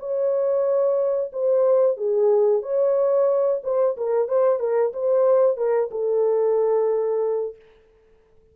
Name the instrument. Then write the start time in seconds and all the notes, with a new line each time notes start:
horn
0.00 C#5
1.33 C5
1.98 G#4
2.63 C#5
3.64 C5
3.97 A#4
4.29 C5
4.60 A#4
4.93 C5
5.57 A#4
5.91 A4